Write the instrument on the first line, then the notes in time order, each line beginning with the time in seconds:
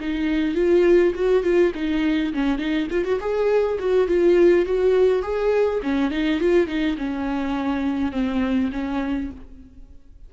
viola
0.00 D#4
0.55 F4
1.15 F#4
1.43 F4
1.75 D#4
2.34 C#4
2.58 D#4
2.90 F4
3.05 F#4
3.20 G#4
3.79 F#4
4.08 F4
4.65 F#4
5.22 G#4
5.83 C#4
6.11 D#4
6.40 F4
6.67 D#4
6.97 C#4
8.12 C4
8.72 C#4